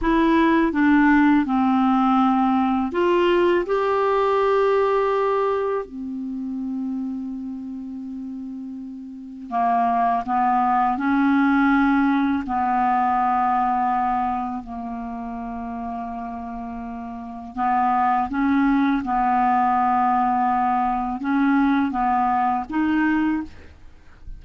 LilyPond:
\new Staff \with { instrumentName = "clarinet" } { \time 4/4 \tempo 4 = 82 e'4 d'4 c'2 | f'4 g'2. | c'1~ | c'4 ais4 b4 cis'4~ |
cis'4 b2. | ais1 | b4 cis'4 b2~ | b4 cis'4 b4 dis'4 | }